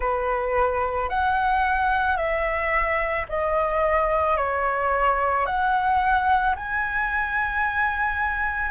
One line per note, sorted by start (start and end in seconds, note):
0.00 1.09 B4
1.09 2.16 F#5
2.16 3.25 E5
3.28 4.36 D#5
4.36 5.45 C#5
5.45 6.55 F#5
6.56 8.71 G#5